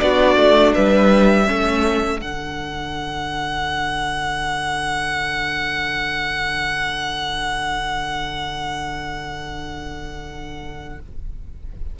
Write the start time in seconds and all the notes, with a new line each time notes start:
0.00 B3 D4 F#4 D5
0.37 A3
0.75 G3 B4 E5
1.46 A3 C#4 A4
2.19 D3 D4 F#5